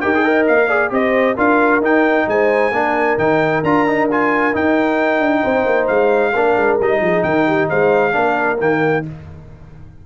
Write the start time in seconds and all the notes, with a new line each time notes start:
0.00 D#4 G4 A#4 G5
0.14 G#4
0.25 A#4 D#5
0.47 A#3 F5
0.68 G#4 D5
0.90 C4 G4 C5 D#5
1.36 D4 F4 A#4 F5
1.80 D#4 G5
2.27 G#3 C5 G#5
2.71 A#3 D4 A#4
3.18 D#3 D#4 G5
3.63 D4 F4 A#5
3.87 D#4
4.11 F4 G#5
4.53 D#4 G5
5.20 D4
5.42 C4 C5
5.65 A#3
5.87 G#3 F5
6.32 A#3 D4 A#4
6.56 G#3
6.80 G3 D#4 D#5
7.00 F3 G#4
7.23 D#3 A#4 G5
7.47 G4
7.69 G#3 C5 F5
8.12 A#3 D4 A#4
8.58 D#3 A#3 G5